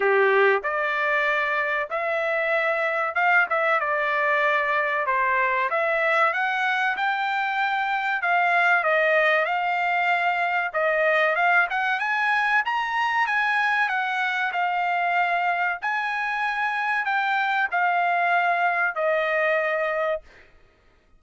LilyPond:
\new Staff \with { instrumentName = "trumpet" } { \time 4/4 \tempo 4 = 95 g'4 d''2 e''4~ | e''4 f''8 e''8 d''2 | c''4 e''4 fis''4 g''4~ | g''4 f''4 dis''4 f''4~ |
f''4 dis''4 f''8 fis''8 gis''4 | ais''4 gis''4 fis''4 f''4~ | f''4 gis''2 g''4 | f''2 dis''2 | }